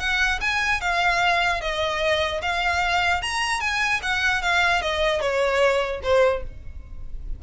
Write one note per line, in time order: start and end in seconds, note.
0.00 0.40 F#5
0.41 0.81 G#5
0.81 1.61 F5
1.61 2.41 D#5
2.42 3.22 F5
3.22 3.61 A#5
3.61 4.01 G#5
4.03 4.42 F#5
4.42 4.82 F5
4.82 5.21 D#5
5.21 6.01 C#5
6.03 6.43 C5